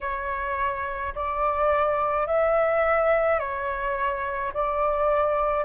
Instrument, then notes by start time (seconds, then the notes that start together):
flute
0.01 C#5
1.14 D5
2.26 E5
3.39 C#5
4.53 D5